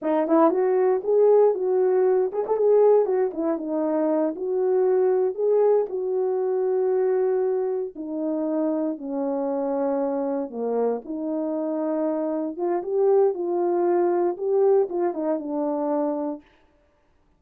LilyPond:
\new Staff \with { instrumentName = "horn" } { \time 4/4 \tempo 4 = 117 dis'8 e'8 fis'4 gis'4 fis'4~ | fis'8 gis'16 a'16 gis'4 fis'8 e'8 dis'4~ | dis'8 fis'2 gis'4 fis'8~ | fis'2.~ fis'8 dis'8~ |
dis'4. cis'2~ cis'8~ | cis'8 ais4 dis'2~ dis'8~ | dis'8 f'8 g'4 f'2 | g'4 f'8 dis'8 d'2 | }